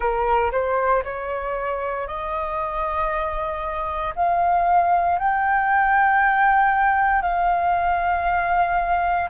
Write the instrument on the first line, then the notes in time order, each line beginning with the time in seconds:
flute
0.00 A#4
0.51 C5
1.03 C#5
2.07 D#5
4.15 F5
5.18 G5
7.22 F5